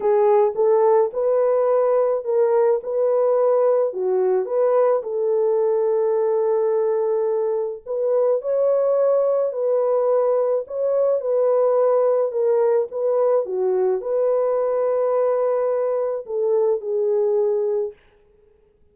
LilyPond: \new Staff \with { instrumentName = "horn" } { \time 4/4 \tempo 4 = 107 gis'4 a'4 b'2 | ais'4 b'2 fis'4 | b'4 a'2.~ | a'2 b'4 cis''4~ |
cis''4 b'2 cis''4 | b'2 ais'4 b'4 | fis'4 b'2.~ | b'4 a'4 gis'2 | }